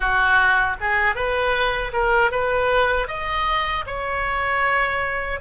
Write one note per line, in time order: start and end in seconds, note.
0.00 0.76 F#4
0.80 1.15 G#4
1.15 1.92 B4
1.92 2.31 A#4
2.31 3.07 B4
3.07 3.84 D#5
3.86 5.40 C#5